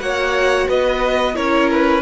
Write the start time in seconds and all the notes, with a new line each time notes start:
0.00 A#3 F#4 C#5 F#5
0.68 B3 B4 D#5
1.34 C#4 E4 A#4 C#5
1.71 B4